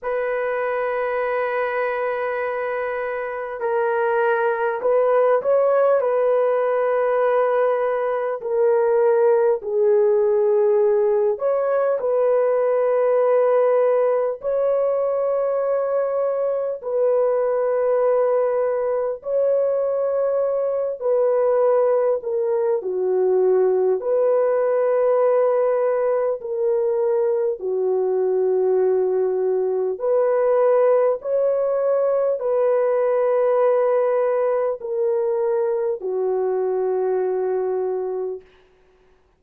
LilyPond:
\new Staff \with { instrumentName = "horn" } { \time 4/4 \tempo 4 = 50 b'2. ais'4 | b'8 cis''8 b'2 ais'4 | gis'4. cis''8 b'2 | cis''2 b'2 |
cis''4. b'4 ais'8 fis'4 | b'2 ais'4 fis'4~ | fis'4 b'4 cis''4 b'4~ | b'4 ais'4 fis'2 | }